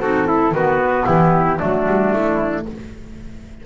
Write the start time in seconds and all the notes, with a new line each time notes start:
0.00 C4 D#4 F#4 A4
0.26 E4
0.51 D#3 B3 F#4 B4
1.06 E3 E4 G4
1.58 F#3 A3 D4 F#4
1.87 G3
2.13 A3 E4